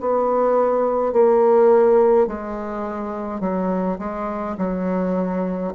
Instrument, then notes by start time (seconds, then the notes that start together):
bassoon
0.00 B3
1.13 A#3
2.27 G#3
3.40 F#3
3.99 G#3
4.58 F#3